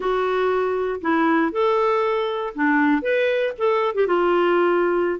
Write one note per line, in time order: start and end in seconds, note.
0.00 1.00 F#4
1.01 1.51 E4
1.51 2.53 A4
2.54 3.01 D4
3.01 3.52 B4
3.58 3.94 A4
3.94 4.06 G4
4.06 5.19 F4